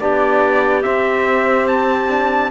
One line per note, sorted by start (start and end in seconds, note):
0.00 0.85 B3
0.00 0.83 D4
0.00 2.51 G4
0.00 0.83 D5
0.83 2.08 C4
0.83 2.51 C4
0.83 1.67 E5
1.68 2.51 A5
2.08 2.50 D4